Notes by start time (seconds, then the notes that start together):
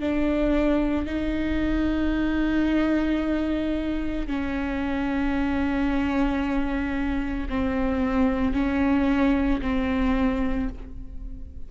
0.00 D4
1.06 D#4
4.27 C#4
7.49 C4
8.53 C#4
9.61 C4